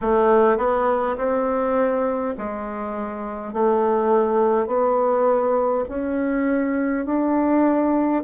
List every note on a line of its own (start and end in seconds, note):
0.01 0.57 A3
0.57 1.16 B3
1.17 2.35 C4
2.37 3.53 G#3
3.53 4.66 A3
4.66 5.84 B3
5.88 7.05 C#4
7.05 8.23 D4